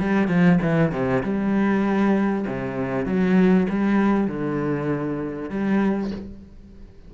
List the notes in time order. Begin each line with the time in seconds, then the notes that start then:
0.00 G3
0.28 F3
0.62 E3
0.92 C3
1.24 G3
2.48 C3
3.06 F#3
3.70 G3
4.28 D3
5.50 G3